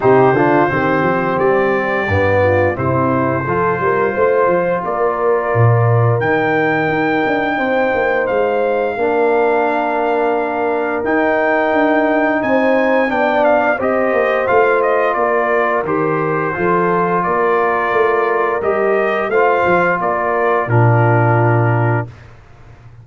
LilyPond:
<<
  \new Staff \with { instrumentName = "trumpet" } { \time 4/4 \tempo 4 = 87 c''2 d''2 | c''2. d''4~ | d''4 g''2. | f''1 |
g''2 gis''4 g''8 f''8 | dis''4 f''8 dis''8 d''4 c''4~ | c''4 d''2 dis''4 | f''4 d''4 ais'2 | }
  \new Staff \with { instrumentName = "horn" } { \time 4/4 g'8 f'8 g'2~ g'8 f'8 | e'4 a'8 ais'8 c''4 ais'4~ | ais'2. c''4~ | c''4 ais'2.~ |
ais'2 c''4 d''4 | c''2 ais'2 | a'4 ais'2. | c''4 ais'4 f'2 | }
  \new Staff \with { instrumentName = "trombone" } { \time 4/4 dis'8 d'8 c'2 b4 | c'4 f'2.~ | f'4 dis'2.~ | dis'4 d'2. |
dis'2. d'4 | g'4 f'2 g'4 | f'2. g'4 | f'2 d'2 | }
  \new Staff \with { instrumentName = "tuba" } { \time 4/4 c8 d8 dis8 f8 g4 g,4 | c4 f8 g8 a8 f8 ais4 | ais,4 dis4 dis'8 d'8 c'8 ais8 | gis4 ais2. |
dis'4 d'4 c'4 b4 | c'8 ais8 a4 ais4 dis4 | f4 ais4 a4 g4 | a8 f8 ais4 ais,2 | }
>>